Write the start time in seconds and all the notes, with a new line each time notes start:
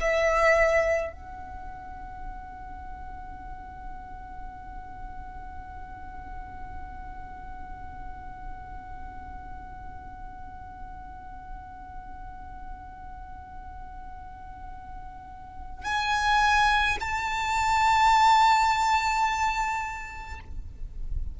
0.00 E5
1.12 F#5
15.84 G#5
17.00 A5